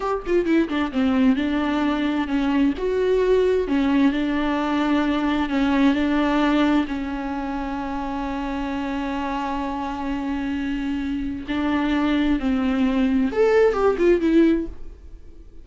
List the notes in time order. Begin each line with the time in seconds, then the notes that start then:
0.00 G4
0.26 F4
0.45 E4
0.68 D4
0.92 C4
1.35 D4
2.27 C#4
2.77 F#4
3.67 C#4
4.12 D4
5.49 C#4
5.94 D4
6.87 C#4
11.47 D4
12.39 C4
13.32 A4
13.73 G4
13.97 F4
14.20 E4